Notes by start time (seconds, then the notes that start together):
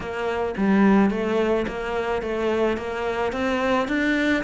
0.00 A#3
0.57 G3
1.10 A3
1.67 A#3
2.21 A3
2.77 A#3
3.32 C4
3.88 D4